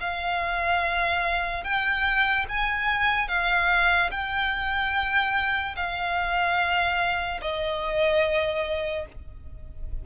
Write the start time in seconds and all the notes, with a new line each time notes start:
0.00 F5
1.64 G5
2.48 G#5
3.28 F5
4.11 G5
5.76 F5
7.41 D#5